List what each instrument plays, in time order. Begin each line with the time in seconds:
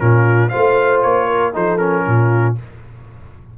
0.00 tuba A#2, trombone C#4, horn F4, trumpet A#4
0.49 tuba A3, trombone F4, horn C5, trumpet F5
1.02 tuba A#3, trumpet C#5
1.27 horn A#4
1.53 tuba F3, trombone D#4, horn A4, trumpet C5
1.78 trombone C#4, trumpet A#4
2.07 tuba A#2, horn F4